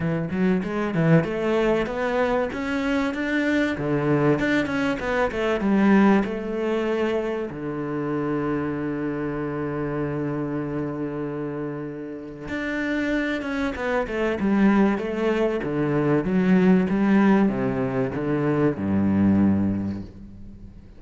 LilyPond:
\new Staff \with { instrumentName = "cello" } { \time 4/4 \tempo 4 = 96 e8 fis8 gis8 e8 a4 b4 | cis'4 d'4 d4 d'8 cis'8 | b8 a8 g4 a2 | d1~ |
d1 | d'4. cis'8 b8 a8 g4 | a4 d4 fis4 g4 | c4 d4 g,2 | }